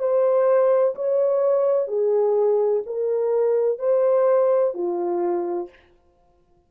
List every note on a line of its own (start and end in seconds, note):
0.00 0.95 C5
0.96 1.88 C#5
1.88 2.84 G#4
2.87 3.79 A#4
3.79 4.74 C5
4.74 5.70 F4